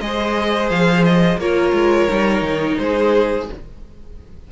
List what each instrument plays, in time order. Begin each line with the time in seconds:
0.00 cello G#3, viola G#4, violin C5 D#5
0.70 cello F3, violin F5
1.05 violin D#5
1.37 cello A#3, viola F4, violin A#4 C#5
1.73 cello G#3
2.10 cello G3, viola D#4
2.42 cello D#3
2.78 cello G#3, violin G#4 C5